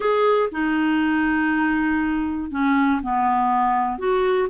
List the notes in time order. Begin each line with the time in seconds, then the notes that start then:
0.00 G#4
0.51 D#4
2.50 C#4
3.02 B3
3.98 F#4